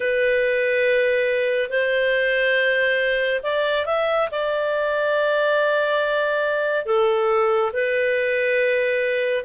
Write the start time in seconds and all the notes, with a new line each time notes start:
0.00 B4
1.69 C5
3.42 D5
3.85 E5
4.31 D5
6.85 A4
7.73 B4